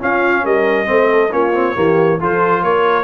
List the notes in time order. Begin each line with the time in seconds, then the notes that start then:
0.00 C#4 F4 F5
0.44 G3 A#4 D#5
0.86 A3 C4 C5
1.12 A4
1.31 A#3 C#4 F4 C#5
1.54 C4
1.76 E3 A#3 G4
2.20 F3 F4 A4 C5
2.63 A#3 A#4 C#5